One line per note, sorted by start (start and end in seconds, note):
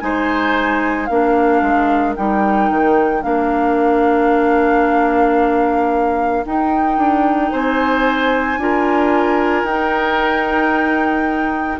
0.00 1.09 G#3
0.00 1.08 D#4
0.00 1.09 C5
0.00 1.06 G#5
1.06 1.62 A#3
1.06 2.17 D4
1.06 7.52 A#4
1.06 2.13 F5
1.62 2.15 G#3
2.16 2.70 G3
2.16 3.22 D#4
2.16 3.23 G5
2.70 3.24 D#3
3.22 6.46 A#3
3.22 6.44 D4
3.22 6.44 F5
6.45 8.59 D#4
6.45 6.98 D#4
6.45 7.52 G5
6.98 7.51 D4
7.52 8.57 C4
7.52 8.59 C5
7.52 9.65 G#5
8.57 9.64 D4
8.57 9.67 F4
8.57 11.80 A#4
9.64 11.78 D#4
9.64 11.80 D#4
9.64 11.80 G5